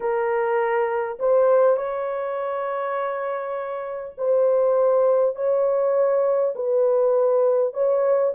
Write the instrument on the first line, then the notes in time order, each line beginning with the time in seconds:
horn
0.00 A#4
1.19 C5
1.76 C#5
4.17 C5
5.35 C#5
6.55 B4
7.73 C#5